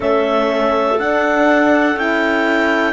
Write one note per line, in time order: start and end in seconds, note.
0.00 1.00 A3
0.00 0.97 C#4
0.00 2.93 A4
0.00 0.99 E5
0.98 1.96 D4
0.98 1.97 F#5
1.96 2.93 C#4
1.96 2.93 E4
1.96 2.93 G5